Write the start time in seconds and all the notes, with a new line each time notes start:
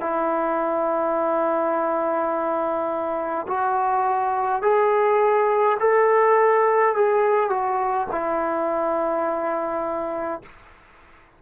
0.00 E4
3.47 F#4
4.62 G#4
5.80 A4
6.95 G#4
7.49 F#4
8.11 E4